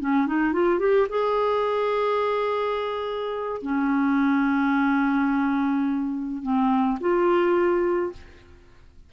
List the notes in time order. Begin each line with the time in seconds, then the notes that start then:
0.00 C#4
0.27 D#4
0.53 F4
0.79 G4
1.09 G#4
3.62 C#4
6.42 C4
7.00 F4